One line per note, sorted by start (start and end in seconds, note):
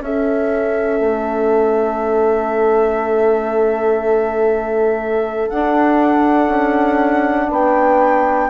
0.00 1.00 C#4
0.00 5.50 C#4
0.00 7.49 A4
0.00 5.50 E5
1.00 5.50 A3
5.50 8.50 D4
5.50 6.48 D4
5.50 7.50 F#5
6.48 7.48 C#4
7.49 8.50 B3
7.49 8.49 B4
7.49 8.50 G5